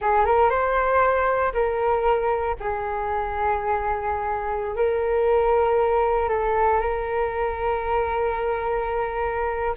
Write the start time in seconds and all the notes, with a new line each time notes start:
0.01 G#4
0.25 A#4
0.50 C5
1.53 A#4
2.60 G#4
4.76 A#4
6.28 A4
6.80 A#4